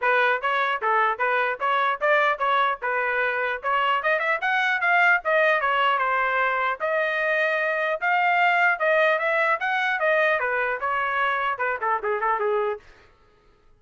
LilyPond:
\new Staff \with { instrumentName = "trumpet" } { \time 4/4 \tempo 4 = 150 b'4 cis''4 a'4 b'4 | cis''4 d''4 cis''4 b'4~ | b'4 cis''4 dis''8 e''8 fis''4 | f''4 dis''4 cis''4 c''4~ |
c''4 dis''2. | f''2 dis''4 e''4 | fis''4 dis''4 b'4 cis''4~ | cis''4 b'8 a'8 gis'8 a'8 gis'4 | }